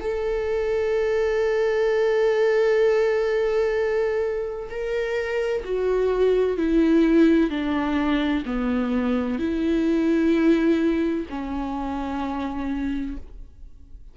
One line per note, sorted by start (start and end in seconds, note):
0.00 4.69 A4
4.70 5.63 A#4
5.64 6.57 F#4
6.57 7.50 E4
7.50 8.43 D4
8.45 9.38 B3
9.38 11.26 E4
11.29 13.17 C#4